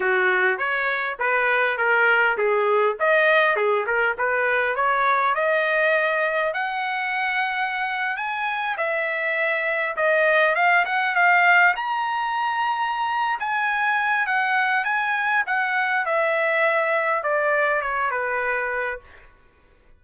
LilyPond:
\new Staff \with { instrumentName = "trumpet" } { \time 4/4 \tempo 4 = 101 fis'4 cis''4 b'4 ais'4 | gis'4 dis''4 gis'8 ais'8 b'4 | cis''4 dis''2 fis''4~ | fis''4.~ fis''16 gis''4 e''4~ e''16~ |
e''8. dis''4 f''8 fis''8 f''4 ais''16~ | ais''2~ ais''8 gis''4. | fis''4 gis''4 fis''4 e''4~ | e''4 d''4 cis''8 b'4. | }